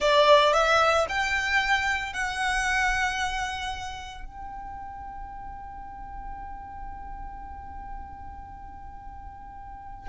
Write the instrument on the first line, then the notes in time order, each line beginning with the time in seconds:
violin
0.00 D5
0.53 E5
1.09 G5
2.13 F#5
4.25 G5